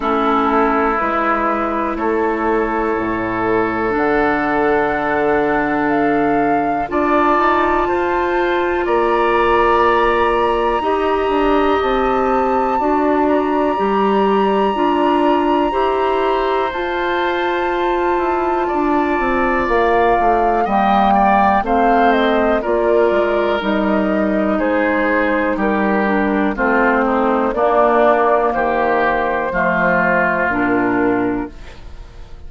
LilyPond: <<
  \new Staff \with { instrumentName = "flute" } { \time 4/4 \tempo 4 = 61 a'4 b'4 cis''2 | fis''2 f''4 a''4~ | a''4 ais''2. | a''4. ais''2~ ais''8~ |
ais''4 a''2. | f''4 g''4 f''8 dis''8 d''4 | dis''4 c''4 ais'4 c''4 | d''4 c''2 ais'4 | }
  \new Staff \with { instrumentName = "oboe" } { \time 4/4 e'2 a'2~ | a'2. d''4 | c''4 d''2 dis''4~ | dis''4 d''2. |
c''2. d''4~ | d''4 dis''8 d''8 c''4 ais'4~ | ais'4 gis'4 g'4 f'8 dis'8 | d'4 g'4 f'2 | }
  \new Staff \with { instrumentName = "clarinet" } { \time 4/4 cis'4 e'2. | d'2. f'4~ | f'2. g'4~ | g'4 fis'4 g'4 f'4 |
g'4 f'2.~ | f'4 ais4 c'4 f'4 | dis'2~ dis'8 d'8 c'4 | ais2 a4 d'4 | }
  \new Staff \with { instrumentName = "bassoon" } { \time 4/4 a4 gis4 a4 a,4 | d2. d'8 dis'8 | f'4 ais2 dis'8 d'8 | c'4 d'4 g4 d'4 |
e'4 f'4. e'8 d'8 c'8 | ais8 a8 g4 a4 ais8 gis8 | g4 gis4 g4 a4 | ais4 dis4 f4 ais,4 | }
>>